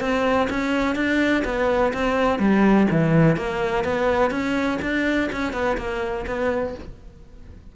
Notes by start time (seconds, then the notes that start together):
0.00 C4
0.50 C#4
0.95 D4
1.44 B3
1.93 C4
2.39 G3
2.90 E3
3.37 A#3
3.84 B3
4.30 C#4
4.82 D4
5.32 C#4
5.53 B3
5.77 A#3
6.26 B3